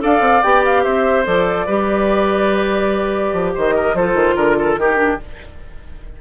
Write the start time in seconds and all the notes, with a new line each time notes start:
0.00 D4 A4 D5 F5
0.20 C4
0.42 B3 G4 G5
0.65 F5
0.83 C4 C5 E5
1.24 F3 A4 D5
1.66 G3 G4 B4
3.33 F3
3.54 D#3 C5 D#5
3.74 A#4
3.94 F3 F4 A4 C5
4.14 D#3
4.35 D3 A#4
4.58 A4
4.76 D#3 D#4 G4
4.96 D4